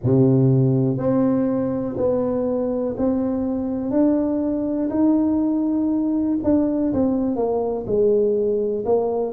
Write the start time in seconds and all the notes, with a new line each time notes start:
0.03 C3
0.97 C4
1.97 B3
2.97 C4
3.91 D4
4.90 D#4
6.43 D4
6.93 C4
7.35 A#3
7.86 G#3
8.85 A#3